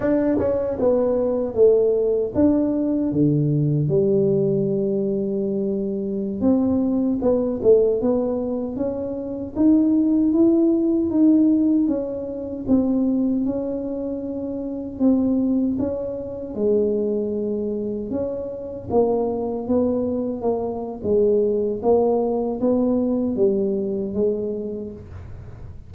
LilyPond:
\new Staff \with { instrumentName = "tuba" } { \time 4/4 \tempo 4 = 77 d'8 cis'8 b4 a4 d'4 | d4 g2.~ | g16 c'4 b8 a8 b4 cis'8.~ | cis'16 dis'4 e'4 dis'4 cis'8.~ |
cis'16 c'4 cis'2 c'8.~ | c'16 cis'4 gis2 cis'8.~ | cis'16 ais4 b4 ais8. gis4 | ais4 b4 g4 gis4 | }